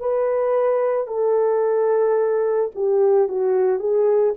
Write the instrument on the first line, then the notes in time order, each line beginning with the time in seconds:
horn
0.00 B4
1.07 A4
2.75 G4
3.28 F#4
3.79 G#4